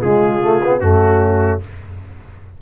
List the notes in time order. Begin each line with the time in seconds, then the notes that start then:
0.00 C#3 G#3 F4 G#4
0.41 A3
0.63 B3
0.80 F#2 A3 C#4 F#4